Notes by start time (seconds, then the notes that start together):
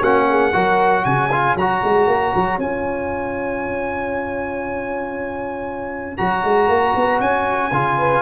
0.00 A#3 C#4 F#4 F#5
0.29 G#4
0.53 F#3 F#4 A#4
1.04 C#3 C#5 G#5
1.31 F4
1.55 F#3 F#4 A#5
1.83 G#3
2.07 A#3
2.34 F#3
2.58 C#4 F4 G#5
6.17 F#3 F#4 A#5
6.44 G#3
6.68 A#3
6.96 B3
7.20 C#4 G#5
7.71 C#3 F4
7.98 B4